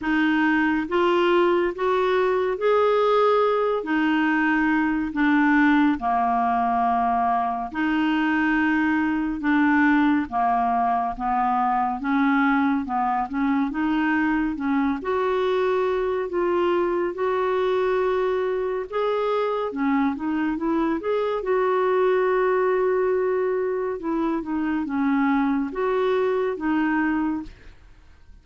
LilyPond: \new Staff \with { instrumentName = "clarinet" } { \time 4/4 \tempo 4 = 70 dis'4 f'4 fis'4 gis'4~ | gis'8 dis'4. d'4 ais4~ | ais4 dis'2 d'4 | ais4 b4 cis'4 b8 cis'8 |
dis'4 cis'8 fis'4. f'4 | fis'2 gis'4 cis'8 dis'8 | e'8 gis'8 fis'2. | e'8 dis'8 cis'4 fis'4 dis'4 | }